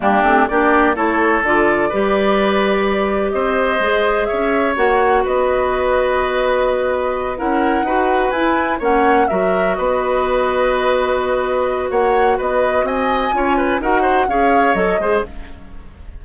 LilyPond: <<
  \new Staff \with { instrumentName = "flute" } { \time 4/4 \tempo 4 = 126 g'4 d''4 cis''4 d''4~ | d''2. dis''4~ | dis''4 e''4 fis''4 dis''4~ | dis''2.~ dis''8 fis''8~ |
fis''4. gis''4 fis''4 e''8~ | e''8 dis''2.~ dis''8~ | dis''4 fis''4 dis''4 gis''4~ | gis''4 fis''4 f''4 dis''4 | }
  \new Staff \with { instrumentName = "oboe" } { \time 4/4 d'4 g'4 a'2 | b'2. c''4~ | c''4 cis''2 b'4~ | b'2.~ b'8 ais'8~ |
ais'8 b'2 cis''4 ais'8~ | ais'8 b'2.~ b'8~ | b'4 cis''4 b'4 dis''4 | cis''8 b'8 ais'8 c''8 cis''4. c''8 | }
  \new Staff \with { instrumentName = "clarinet" } { \time 4/4 ais8 c'8 d'4 e'4 f'4 | g'1 | gis'2 fis'2~ | fis'2.~ fis'8 e'8~ |
e'8 fis'4 e'4 cis'4 fis'8~ | fis'1~ | fis'1 | f'4 fis'4 gis'4 a'8 gis'8 | }
  \new Staff \with { instrumentName = "bassoon" } { \time 4/4 g8 a8 ais4 a4 d4 | g2. c'4 | gis4 cis'4 ais4 b4~ | b2.~ b8 cis'8~ |
cis'8 dis'4 e'4 ais4 fis8~ | fis8 b2.~ b8~ | b4 ais4 b4 c'4 | cis'4 dis'4 cis'4 fis8 gis8 | }
>>